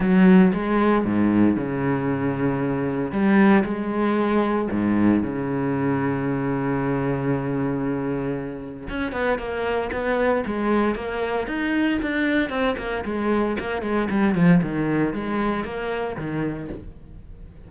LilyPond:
\new Staff \with { instrumentName = "cello" } { \time 4/4 \tempo 4 = 115 fis4 gis4 gis,4 cis4~ | cis2 g4 gis4~ | gis4 gis,4 cis2~ | cis1~ |
cis4 cis'8 b8 ais4 b4 | gis4 ais4 dis'4 d'4 | c'8 ais8 gis4 ais8 gis8 g8 f8 | dis4 gis4 ais4 dis4 | }